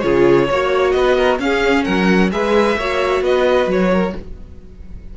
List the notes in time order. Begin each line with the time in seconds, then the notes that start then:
0.00 C#3 F4 G#4 C#5
0.48 A#3 F#4 C#5
0.91 B3 B4 D#5
1.17 A#4
1.39 C#4 G#4 F5
1.84 F#3 A#4 F#5
2.31 G#3 G#4 B4 E5
2.76 A#3 F#4 C#5
3.21 B3 B4 D#5
3.67 F#3 C#5
3.91 A#4